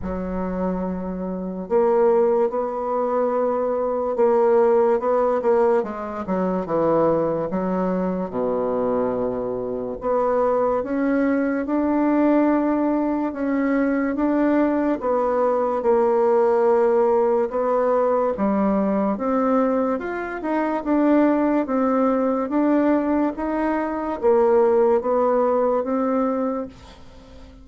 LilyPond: \new Staff \with { instrumentName = "bassoon" } { \time 4/4 \tempo 4 = 72 fis2 ais4 b4~ | b4 ais4 b8 ais8 gis8 fis8 | e4 fis4 b,2 | b4 cis'4 d'2 |
cis'4 d'4 b4 ais4~ | ais4 b4 g4 c'4 | f'8 dis'8 d'4 c'4 d'4 | dis'4 ais4 b4 c'4 | }